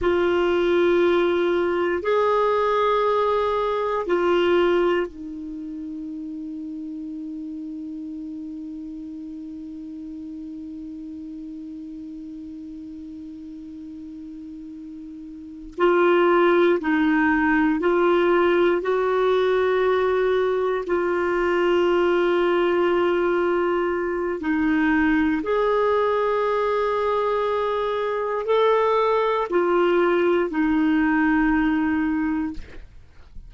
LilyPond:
\new Staff \with { instrumentName = "clarinet" } { \time 4/4 \tempo 4 = 59 f'2 gis'2 | f'4 dis'2.~ | dis'1~ | dis'2.~ dis'8 f'8~ |
f'8 dis'4 f'4 fis'4.~ | fis'8 f'2.~ f'8 | dis'4 gis'2. | a'4 f'4 dis'2 | }